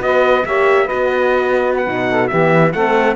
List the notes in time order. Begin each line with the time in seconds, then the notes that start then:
0.00 B3 F#4 B4 D#5
0.45 A#3 G4 C#5 E5
0.85 F#4 B4 D#5
0.93 B3
1.77 F#5
1.86 B2 D#4
2.10 A4
2.28 E3 B3 G4 E5
2.72 A3 C4 A4 F#5